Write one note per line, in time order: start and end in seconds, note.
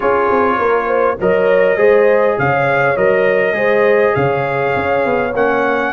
0.00 0.30 C#4
0.00 1.17 F4
0.00 0.57 G#4
0.00 1.18 C#5
0.30 0.58 C4
0.58 1.18 A#3
0.58 0.86 A#4
0.86 1.16 C5
1.20 1.76 F#3
1.20 1.77 A#4
1.20 1.77 C#5
1.20 2.38 D#5
1.76 2.36 G#3
1.76 2.96 G#4
1.76 2.36 C5
2.38 2.96 C#3
2.38 3.56 C#5
2.38 2.96 F5
2.96 3.52 F#3
2.96 3.53 A#4
2.96 4.14 D#5
3.52 4.12 G#3
3.52 5.31 G#4
3.52 4.15 C5
4.14 4.75 C#3
4.14 5.92 C#5
4.14 5.33 F5
4.75 5.05 C#4
5.05 5.34 B3
5.34 5.92 A#3
5.34 5.92 C#4
5.34 5.92 F#5